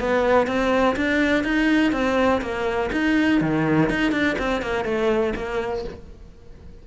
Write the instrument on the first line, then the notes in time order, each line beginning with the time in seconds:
cello
0.00 B3
0.47 C4
0.96 D4
1.44 D#4
1.92 C4
2.42 A#3
2.92 D#4
3.41 D#3
3.90 D#4
4.12 D4
4.39 C4
4.62 A#3
4.85 A3
5.36 A#3